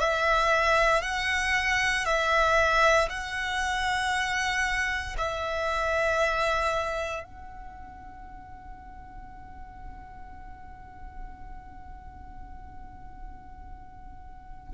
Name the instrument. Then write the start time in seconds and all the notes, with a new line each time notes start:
violin
0.00 E5
1.03 F#5
2.06 E5
3.10 F#5
5.18 E5
7.24 F#5